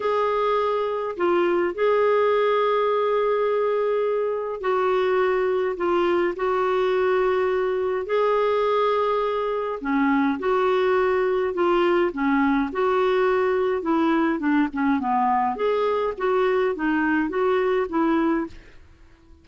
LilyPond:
\new Staff \with { instrumentName = "clarinet" } { \time 4/4 \tempo 4 = 104 gis'2 f'4 gis'4~ | gis'1 | fis'2 f'4 fis'4~ | fis'2 gis'2~ |
gis'4 cis'4 fis'2 | f'4 cis'4 fis'2 | e'4 d'8 cis'8 b4 gis'4 | fis'4 dis'4 fis'4 e'4 | }